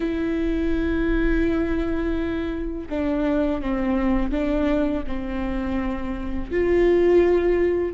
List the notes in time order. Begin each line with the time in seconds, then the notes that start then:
0.00 E4
2.89 D4
3.61 C4
4.31 D4
5.07 C4
6.51 F4